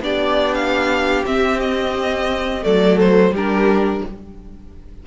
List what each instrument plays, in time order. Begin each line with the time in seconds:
0.00 cello B3, viola D4, violin G4 D5
0.54 violin F5
1.25 viola C4, cello C4, violin E5
1.59 violin D#5
2.62 cello F#3, viola A3, violin A4 D5
2.99 violin C5
3.31 cello G3, viola D4, violin G4 A#4